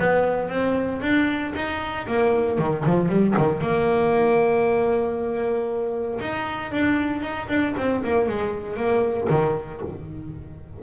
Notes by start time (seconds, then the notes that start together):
0.00 B3
0.49 C4
1.02 D4
1.55 D#4
2.07 A#3
2.59 D#3
2.86 F3
3.09 G3
3.37 D#3
3.61 A#3
6.21 D#4
6.72 D4
7.22 D#4
7.49 D4
7.78 C4
8.04 A#3
8.29 G#3
8.76 A#3
9.30 D#3